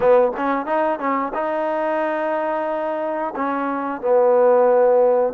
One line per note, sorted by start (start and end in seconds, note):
0.00 0.31 B3
0.36 0.66 C#4
0.66 0.98 D#4
0.98 1.32 C#4
1.33 3.33 D#4
3.35 4.01 C#4
4.01 5.33 B3